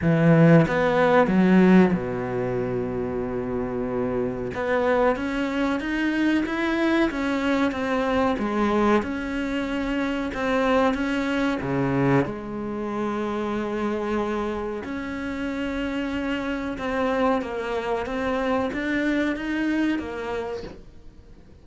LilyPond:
\new Staff \with { instrumentName = "cello" } { \time 4/4 \tempo 4 = 93 e4 b4 fis4 b,4~ | b,2. b4 | cis'4 dis'4 e'4 cis'4 | c'4 gis4 cis'2 |
c'4 cis'4 cis4 gis4~ | gis2. cis'4~ | cis'2 c'4 ais4 | c'4 d'4 dis'4 ais4 | }